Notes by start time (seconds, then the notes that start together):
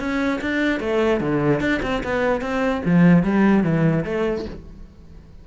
0.00 C#4
0.42 D4
0.81 A3
1.21 D3
1.61 D4
1.83 C4
2.04 B3
2.42 C4
2.86 F3
3.24 G3
3.64 E3
4.05 A3